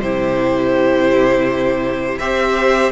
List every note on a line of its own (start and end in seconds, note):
0.00 2.20 C3
0.00 2.21 E4
0.00 2.20 G4
0.00 2.19 C5
2.19 2.93 C4
2.19 2.93 G4
2.19 2.93 C5
2.19 2.92 E5